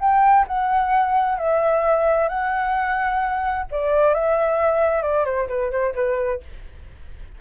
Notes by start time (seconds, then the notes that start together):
0.00 G5
0.48 F#5
1.38 E5
2.29 F#5
3.71 D5
4.15 E5
5.02 D5
5.25 C5
5.48 B4
5.71 C5
5.95 B4